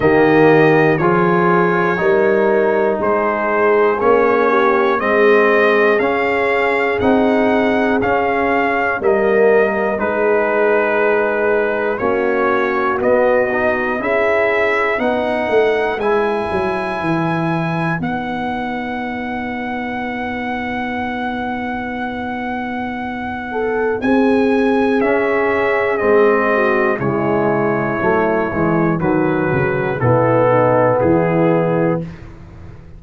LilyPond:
<<
  \new Staff \with { instrumentName = "trumpet" } { \time 4/4 \tempo 4 = 60 dis''4 cis''2 c''4 | cis''4 dis''4 f''4 fis''4 | f''4 dis''4 b'2 | cis''4 dis''4 e''4 fis''4 |
gis''2 fis''2~ | fis''1 | gis''4 e''4 dis''4 cis''4~ | cis''4 b'4 a'4 gis'4 | }
  \new Staff \with { instrumentName = "horn" } { \time 4/4 g'4 gis'4 ais'4 gis'4~ | gis'8 g'8 gis'2.~ | gis'4 ais'4 gis'2 | fis'2 gis'4 b'4~ |
b'1~ | b'2.~ b'8 a'8 | gis'2~ gis'8 fis'8 e'4~ | e'4 fis'4 e'8 dis'8 e'4 | }
  \new Staff \with { instrumentName = "trombone" } { \time 4/4 ais4 f'4 dis'2 | cis'4 c'4 cis'4 dis'4 | cis'4 ais4 dis'2 | cis'4 b8 dis'8 e'4 dis'4 |
e'2 dis'2~ | dis'1~ | dis'4 cis'4 c'4 gis4 | a8 gis8 fis4 b2 | }
  \new Staff \with { instrumentName = "tuba" } { \time 4/4 dis4 f4 g4 gis4 | ais4 gis4 cis'4 c'4 | cis'4 g4 gis2 | ais4 b4 cis'4 b8 a8 |
gis8 fis8 e4 b2~ | b1 | c'4 cis'4 gis4 cis4 | fis8 e8 dis8 cis8 b,4 e4 | }
>>